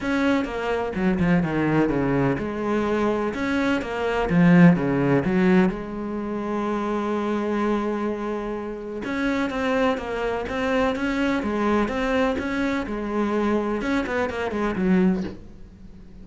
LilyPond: \new Staff \with { instrumentName = "cello" } { \time 4/4 \tempo 4 = 126 cis'4 ais4 fis8 f8 dis4 | cis4 gis2 cis'4 | ais4 f4 cis4 fis4 | gis1~ |
gis2. cis'4 | c'4 ais4 c'4 cis'4 | gis4 c'4 cis'4 gis4~ | gis4 cis'8 b8 ais8 gis8 fis4 | }